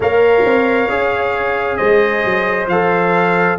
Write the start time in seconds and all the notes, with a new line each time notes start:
0.00 A#3 A#4 C#5 F5
0.44 C4
0.88 C#4 G#4
1.76 G#3 C5 D#5
2.24 F#3
2.67 F3 A4 F5